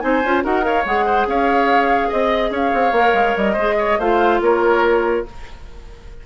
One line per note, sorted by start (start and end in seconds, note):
0.00 0.24 C4
0.00 0.21 D#4
0.00 0.44 C5
0.00 0.42 G#5
0.24 0.44 C#4
0.24 0.44 F4
0.44 0.85 D#4
0.44 0.62 F#4
0.44 0.65 A#4
0.44 0.64 F#5
0.62 0.83 A#4
0.62 1.06 C#5
0.62 0.85 F5
0.85 1.27 G#3
0.85 2.94 G#4
0.85 1.27 F#5
1.06 1.26 C5
1.27 2.10 C#4
1.27 2.08 C#5
1.27 2.11 F5
2.08 2.51 C4
2.08 2.50 D#5
2.08 2.52 D#5
2.51 2.71 C#4
2.51 3.53 C#5
2.51 3.37 F5
2.74 2.92 C4
2.92 3.13 A#3
2.92 3.57 A#4
3.13 3.34 G#3
3.37 3.57 G3
3.37 4.00 D#5
3.53 3.98 G#3
3.53 4.00 G#4
3.53 3.74 C5
3.79 3.99 C#5
3.99 4.41 A3
3.99 5.26 F4
3.99 4.41 C5
3.99 4.41 F5
4.41 5.24 A#3
4.41 5.26 A#4
4.41 5.26 C#5